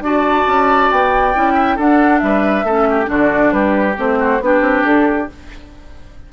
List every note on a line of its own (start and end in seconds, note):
0.00 0.44 D4
0.00 1.34 F#4
0.00 1.54 D5
0.00 0.91 A5
0.47 0.91 C#4
0.91 1.35 B3
0.91 1.78 G5
1.34 1.78 C#4
1.34 1.78 E4
1.54 1.76 E5
1.76 2.21 D4
1.76 2.66 D4
1.76 2.20 A4
1.76 2.19 F#5
2.19 2.64 G3
2.19 2.66 B4
2.19 3.06 E5
2.64 3.08 A3
2.64 3.05 C#4
2.64 2.87 A4
2.90 3.10 G4
3.05 3.52 D3
3.05 3.93 D4
3.05 3.54 F#4
3.13 3.52 D5
3.52 3.96 G3
3.52 4.19 G4
3.52 3.96 B4
3.97 4.40 A3
3.97 4.41 C4
3.97 4.43 C5
4.19 4.41 F#4
4.40 4.61 B3
4.40 5.30 D4
4.40 5.32 G4
4.40 4.85 B4
4.61 4.82 C4
4.84 5.28 D4
4.84 5.29 A4